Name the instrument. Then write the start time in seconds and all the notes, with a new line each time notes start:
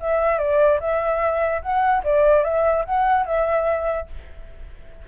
flute
0.00 E5
0.39 D5
0.80 E5
1.62 F#5
2.04 D5
2.44 E5
2.85 F#5
3.26 E5